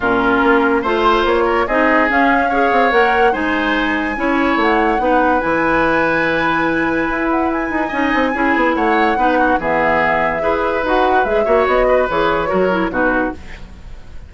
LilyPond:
<<
  \new Staff \with { instrumentName = "flute" } { \time 4/4 \tempo 4 = 144 ais'2 c''4 cis''4 | dis''4 f''2 fis''4 | gis''2. fis''4~ | fis''4 gis''2.~ |
gis''4. fis''8 gis''2~ | gis''4 fis''2 e''4~ | e''2 fis''4 e''4 | dis''4 cis''2 b'4 | }
  \new Staff \with { instrumentName = "oboe" } { \time 4/4 f'2 c''4. ais'8 | gis'2 cis''2 | c''2 cis''2 | b'1~ |
b'2. dis''4 | gis'4 cis''4 b'8 fis'8 gis'4~ | gis'4 b'2~ b'8 cis''8~ | cis''8 b'4. ais'4 fis'4 | }
  \new Staff \with { instrumentName = "clarinet" } { \time 4/4 cis'2 f'2 | dis'4 cis'4 gis'4 ais'4 | dis'2 e'2 | dis'4 e'2.~ |
e'2. dis'4 | e'2 dis'4 b4~ | b4 gis'4 fis'4 gis'8 fis'8~ | fis'4 gis'4 fis'8 e'8 dis'4 | }
  \new Staff \with { instrumentName = "bassoon" } { \time 4/4 ais,4 ais4 a4 ais4 | c'4 cis'4. c'8 ais4 | gis2 cis'4 a4 | b4 e2.~ |
e4 e'4. dis'8 cis'8 c'8 | cis'8 b8 a4 b4 e4~ | e4 e'4 dis'4 gis8 ais8 | b4 e4 fis4 b,4 | }
>>